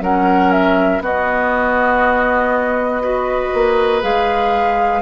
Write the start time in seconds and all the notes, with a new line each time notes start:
0.00 F#3 C#4 A#4 F#5
0.52 E5
1.00 B3 F#4 D#5
3.01 F#4 B4
3.54 A#3
4.01 G#3 G#4 F5